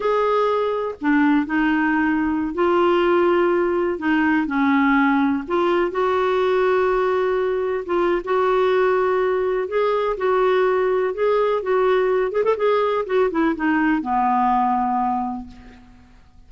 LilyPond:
\new Staff \with { instrumentName = "clarinet" } { \time 4/4 \tempo 4 = 124 gis'2 d'4 dis'4~ | dis'4~ dis'16 f'2~ f'8.~ | f'16 dis'4 cis'2 f'8.~ | f'16 fis'2.~ fis'8.~ |
fis'16 f'8. fis'2. | gis'4 fis'2 gis'4 | fis'4. gis'16 a'16 gis'4 fis'8 e'8 | dis'4 b2. | }